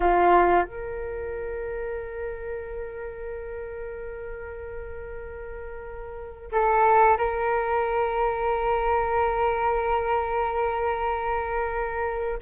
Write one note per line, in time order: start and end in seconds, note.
0.00 0.64 F4
0.64 6.51 A#4
6.52 7.17 A4
7.17 12.39 A#4